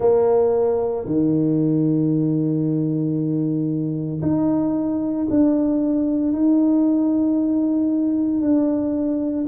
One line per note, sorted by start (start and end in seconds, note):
0.00 1.05 A#3
1.05 4.21 D#3
4.22 5.27 D#4
5.30 6.32 D4
6.32 8.41 D#4
8.41 9.46 D4